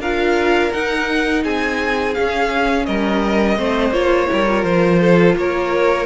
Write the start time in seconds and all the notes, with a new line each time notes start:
0.00 D4 F4 A#4 F5
0.73 D#4 F#5
1.43 C4 G#4 G#5
2.14 C#4 F5
2.86 G3 A#4 D#5
3.58 A3 C4 C5
3.91 A#3 F4 C#5
4.28 G3 E4 A#4
4.47 F4
4.64 F3 C5
5.01 A4
5.36 A#3 A#4 C#5